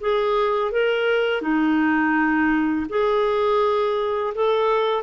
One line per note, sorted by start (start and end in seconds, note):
0.00 0.71 G#4
0.71 1.41 A#4
1.41 2.86 D#4
2.89 4.33 G#4
4.34 5.03 A4